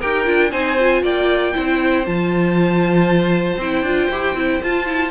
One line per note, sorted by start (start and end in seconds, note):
0.00 0.27 D#4
0.00 0.25 G4
0.00 0.51 A#4
0.00 0.52 G5
0.25 0.53 D4
0.25 0.51 F4
0.52 1.03 C4
0.52 0.78 D#4
0.52 1.03 C5
0.52 1.03 G#5
0.79 1.54 F4
1.03 1.54 A#3
1.03 1.55 D5
1.03 2.07 G5
1.54 2.07 C4
1.54 2.05 E4
1.54 5.11 C5
2.06 3.58 F3
2.06 3.60 F4
2.06 3.61 A5
3.58 3.83 C4
3.58 3.86 E4
3.58 4.63 G5
3.83 4.09 D4
3.83 4.12 F4
4.11 4.35 E4
4.11 4.37 G4
4.35 4.61 C4
4.35 4.62 E4
4.63 4.86 F4
4.63 5.11 F4
4.63 5.11 A5
4.86 5.11 E4